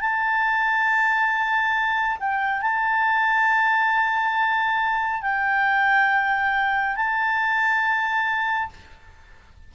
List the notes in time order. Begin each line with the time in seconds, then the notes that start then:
0.00 A5
2.19 G5
2.61 A5
5.22 G5
6.96 A5